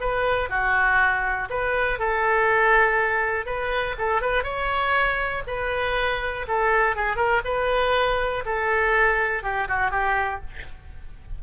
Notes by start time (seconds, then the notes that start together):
0.00 B4
0.49 F#4
1.50 B4
1.99 A4
3.46 B4
3.98 A4
4.21 B4
4.43 C#5
5.47 B4
6.48 A4
6.96 G#4
7.16 A#4
7.45 B4
8.45 A4
9.43 G4
9.68 F#4
9.91 G4